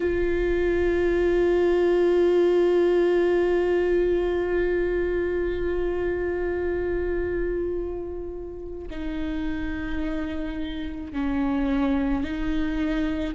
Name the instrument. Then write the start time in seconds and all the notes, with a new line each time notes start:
viola
0.00 F4
8.90 D#4
11.13 C#4
12.23 D#4